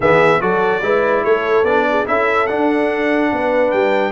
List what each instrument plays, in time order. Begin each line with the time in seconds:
0.00 tuba E3, trombone B3, horn G#4, trumpet E5
0.40 tuba F#3, trombone F#4, horn A4, trumpet D5
0.81 tuba G#3, trombone E4, horn B4
1.24 tuba A3, horn A4, trumpet C#5
1.63 tuba B3, trombone D4, trumpet D5
1.89 horn G#4
2.06 tuba C#4, trombone E4, horn A4, trumpet E5
2.46 trombone D4, tuba D4, trumpet F#5
3.32 tuba B3, horn B4
3.71 tuba G3, trumpet G5